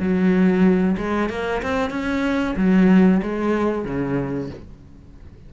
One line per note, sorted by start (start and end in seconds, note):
0.00 0.97 F#3
0.98 1.30 G#3
1.30 1.62 A#3
1.63 1.91 C4
1.91 2.55 C#4
2.57 3.21 F#3
3.23 3.85 G#3
3.85 4.50 C#3